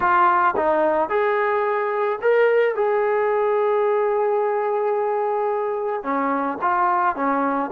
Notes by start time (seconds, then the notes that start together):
0.00 F4
0.56 D#4
1.09 G#4
2.21 A#4
2.75 G#4
6.03 C#4
6.61 F4
7.15 C#4